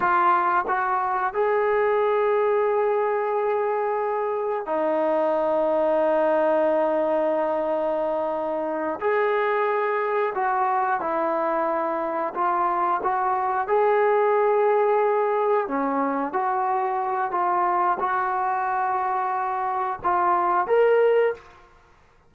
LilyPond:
\new Staff \with { instrumentName = "trombone" } { \time 4/4 \tempo 4 = 90 f'4 fis'4 gis'2~ | gis'2. dis'4~ | dis'1~ | dis'4. gis'2 fis'8~ |
fis'8 e'2 f'4 fis'8~ | fis'8 gis'2. cis'8~ | cis'8 fis'4. f'4 fis'4~ | fis'2 f'4 ais'4 | }